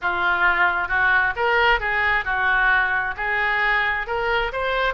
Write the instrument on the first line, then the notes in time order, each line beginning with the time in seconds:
oboe
0.01 F4
0.88 F#4
1.35 A#4
1.80 G#4
2.24 F#4
3.16 G#4
4.06 A#4
4.52 C5